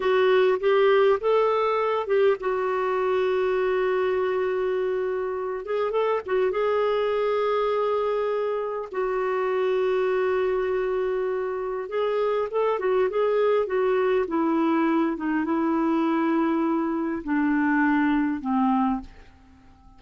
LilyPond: \new Staff \with { instrumentName = "clarinet" } { \time 4/4 \tempo 4 = 101 fis'4 g'4 a'4. g'8 | fis'1~ | fis'4. gis'8 a'8 fis'8 gis'4~ | gis'2. fis'4~ |
fis'1 | gis'4 a'8 fis'8 gis'4 fis'4 | e'4. dis'8 e'2~ | e'4 d'2 c'4 | }